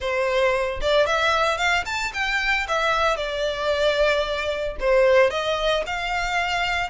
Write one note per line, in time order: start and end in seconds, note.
0.00 0.80 C5
0.81 1.06 D5
1.06 1.57 E5
1.57 1.84 F5
1.85 2.12 A5
2.13 2.66 G5
2.67 3.17 E5
3.17 4.76 D5
4.80 5.30 C5
5.30 5.83 D#5
5.86 6.90 F5